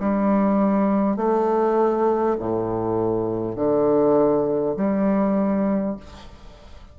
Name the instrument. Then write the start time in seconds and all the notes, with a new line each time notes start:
bassoon
0.00 G3
1.16 A3
2.39 A2
3.56 D3
4.76 G3